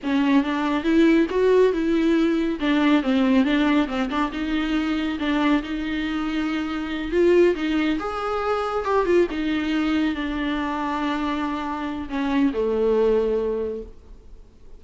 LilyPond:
\new Staff \with { instrumentName = "viola" } { \time 4/4 \tempo 4 = 139 cis'4 d'4 e'4 fis'4 | e'2 d'4 c'4 | d'4 c'8 d'8 dis'2 | d'4 dis'2.~ |
dis'8 f'4 dis'4 gis'4.~ | gis'8 g'8 f'8 dis'2 d'8~ | d'1 | cis'4 a2. | }